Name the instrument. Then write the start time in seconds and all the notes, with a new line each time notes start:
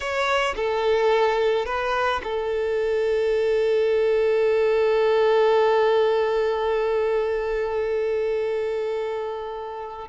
violin
0.00 C#5
0.56 A4
1.65 B4
2.23 A4